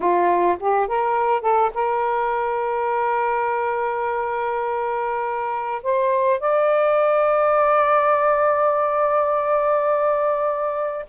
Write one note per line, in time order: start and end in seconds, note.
0.00 0.57 F4
0.59 0.87 G4
0.87 1.41 A#4
1.41 1.71 A4
1.74 5.81 A#4
5.83 6.39 C5
6.39 11.05 D5